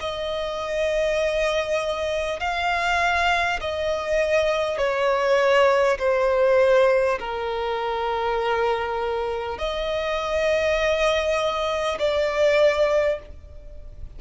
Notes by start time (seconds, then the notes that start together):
0.00 D#5
2.39 F5
3.61 D#5
4.78 C#5
5.99 C5
7.19 A#4
9.58 D#5
11.99 D5